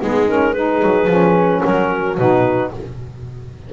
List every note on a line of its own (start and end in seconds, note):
0.00 0.82 G#3
0.00 0.27 B3
0.00 0.53 D#4
0.00 0.29 G#4
0.27 0.54 C#4
0.27 0.53 A#4
0.53 1.08 D#4
0.53 1.62 G#4
0.53 1.61 B4
0.82 1.07 F#3
1.07 1.61 F3
1.07 2.16 C#4
1.64 2.18 F#3
1.64 2.72 F#4
1.64 2.16 A#4
2.16 2.72 B2
2.16 2.72 D#4
2.16 2.70 B4